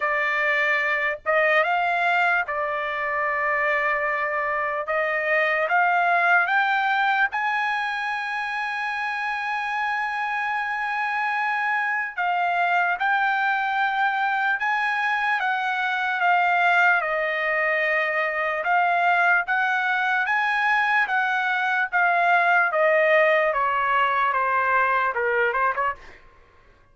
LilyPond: \new Staff \with { instrumentName = "trumpet" } { \time 4/4 \tempo 4 = 74 d''4. dis''8 f''4 d''4~ | d''2 dis''4 f''4 | g''4 gis''2.~ | gis''2. f''4 |
g''2 gis''4 fis''4 | f''4 dis''2 f''4 | fis''4 gis''4 fis''4 f''4 | dis''4 cis''4 c''4 ais'8 c''16 cis''16 | }